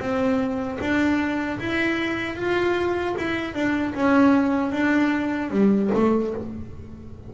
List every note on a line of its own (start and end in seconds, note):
0.00 0.79 C4
0.80 1.59 D4
1.60 2.36 E4
2.36 3.15 F4
3.18 3.55 E4
3.55 3.94 D4
3.95 4.72 C#4
4.72 5.51 D4
5.51 5.90 G3
5.95 6.34 A3